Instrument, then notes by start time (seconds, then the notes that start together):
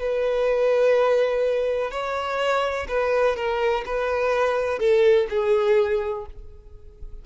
violin
0.00 B4
1.92 C#5
2.89 B4
3.37 A#4
3.86 B4
4.79 A4
5.30 G#4